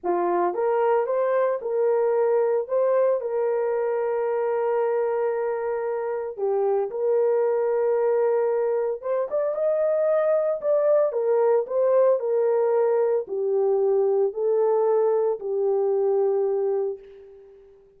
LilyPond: \new Staff \with { instrumentName = "horn" } { \time 4/4 \tempo 4 = 113 f'4 ais'4 c''4 ais'4~ | ais'4 c''4 ais'2~ | ais'1 | g'4 ais'2.~ |
ais'4 c''8 d''8 dis''2 | d''4 ais'4 c''4 ais'4~ | ais'4 g'2 a'4~ | a'4 g'2. | }